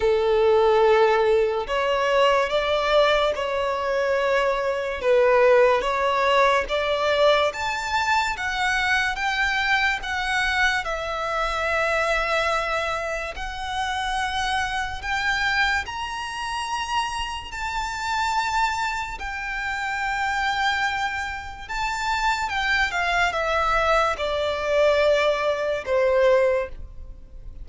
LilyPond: \new Staff \with { instrumentName = "violin" } { \time 4/4 \tempo 4 = 72 a'2 cis''4 d''4 | cis''2 b'4 cis''4 | d''4 a''4 fis''4 g''4 | fis''4 e''2. |
fis''2 g''4 ais''4~ | ais''4 a''2 g''4~ | g''2 a''4 g''8 f''8 | e''4 d''2 c''4 | }